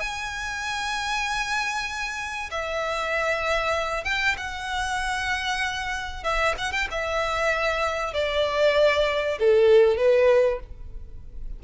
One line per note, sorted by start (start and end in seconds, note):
0.00 2.50 G#5
2.51 4.05 E5
4.05 4.36 G5
4.37 6.24 F#5
6.24 6.55 E5
6.58 6.72 F#5
6.72 6.88 G5
6.91 8.14 E5
8.14 9.39 D5
9.39 9.97 A4
9.97 10.60 B4